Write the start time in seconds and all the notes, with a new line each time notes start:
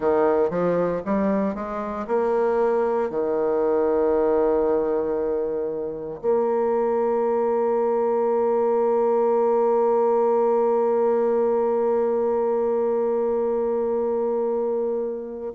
0.00 D#3
0.50 F3
1.05 G3
1.54 G#3
2.07 A#3
3.10 D#3
6.21 A#3